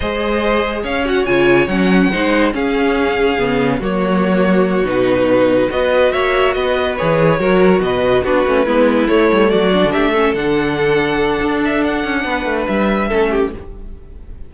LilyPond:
<<
  \new Staff \with { instrumentName = "violin" } { \time 4/4 \tempo 4 = 142 dis''2 f''8 fis''8 gis''4 | fis''2 f''2~ | f''4 cis''2~ cis''8 b'8~ | b'4. dis''4 e''4 dis''8~ |
dis''8 cis''2 dis''4 b'8~ | b'4. cis''4 d''4 e''8~ | e''8 fis''2. e''8 | fis''2 e''2 | }
  \new Staff \with { instrumentName = "violin" } { \time 4/4 c''2 cis''2~ | cis''4 c''4 gis'2~ | gis'4 fis'2.~ | fis'4. b'4 cis''4 b'8~ |
b'4. ais'4 b'4 fis'8~ | fis'8 e'2 fis'4 g'8 | a'1~ | a'4 b'2 a'8 g'8 | }
  \new Staff \with { instrumentName = "viola" } { \time 4/4 gis'2~ gis'8 fis'8 f'4 | cis'4 dis'4 cis'2 | b4 ais2~ ais8 dis'8~ | dis'4. fis'2~ fis'8~ |
fis'8 gis'4 fis'2 d'8 | cis'8 b4 a4. d'4 | cis'8 d'2.~ d'8~ | d'2. cis'4 | }
  \new Staff \with { instrumentName = "cello" } { \time 4/4 gis2 cis'4 cis4 | fis4 gis4 cis'2 | cis4 fis2~ fis8 b,8~ | b,4. b4 ais4 b8~ |
b8 e4 fis4 b,4 b8 | a8 gis4 a8 g8 fis8. d16 a8~ | a8 d2~ d8 d'4~ | d'8 cis'8 b8 a8 g4 a4 | }
>>